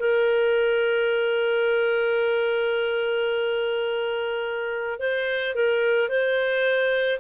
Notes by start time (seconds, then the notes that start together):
0.00 A#4
5.00 C5
5.55 A#4
6.09 C5